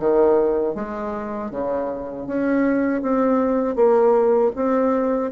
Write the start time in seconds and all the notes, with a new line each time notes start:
0.00 D#3
0.75 G#3
1.51 C#3
2.27 C#4
3.02 C4
3.76 A#3
4.56 C4